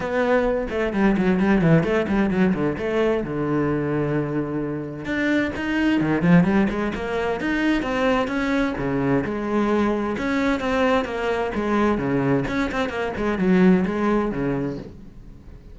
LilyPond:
\new Staff \with { instrumentName = "cello" } { \time 4/4 \tempo 4 = 130 b4. a8 g8 fis8 g8 e8 | a8 g8 fis8 d8 a4 d4~ | d2. d'4 | dis'4 dis8 f8 g8 gis8 ais4 |
dis'4 c'4 cis'4 cis4 | gis2 cis'4 c'4 | ais4 gis4 cis4 cis'8 c'8 | ais8 gis8 fis4 gis4 cis4 | }